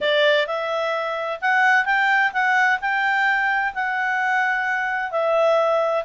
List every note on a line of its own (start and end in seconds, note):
0.00 0.46 D5
0.46 1.39 E5
1.41 1.85 F#5
1.85 2.32 G5
2.33 2.79 F#5
2.81 3.74 G5
3.74 5.11 F#5
5.11 6.04 E5